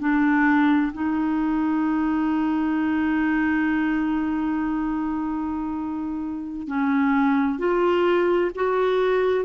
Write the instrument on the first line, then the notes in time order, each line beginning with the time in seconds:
clarinet
0.00 D4
0.93 D#4
6.68 C#4
7.59 F4
8.55 F#4